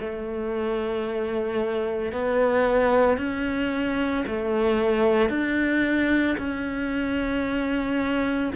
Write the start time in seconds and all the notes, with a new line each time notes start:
0.00 A3
2.13 B3
3.18 C#4
4.27 A3
5.30 D4
6.38 C#4